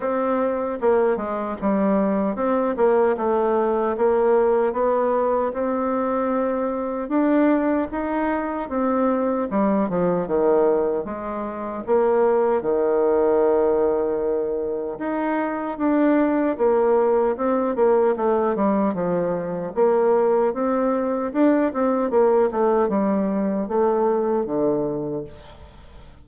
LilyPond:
\new Staff \with { instrumentName = "bassoon" } { \time 4/4 \tempo 4 = 76 c'4 ais8 gis8 g4 c'8 ais8 | a4 ais4 b4 c'4~ | c'4 d'4 dis'4 c'4 | g8 f8 dis4 gis4 ais4 |
dis2. dis'4 | d'4 ais4 c'8 ais8 a8 g8 | f4 ais4 c'4 d'8 c'8 | ais8 a8 g4 a4 d4 | }